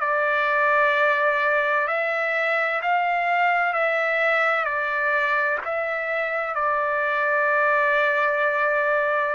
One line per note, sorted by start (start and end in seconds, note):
0.00 1.87 D5
1.87 2.81 E5
2.82 3.73 F5
3.73 4.65 E5
4.65 5.59 D5
5.65 6.55 E5
6.55 9.35 D5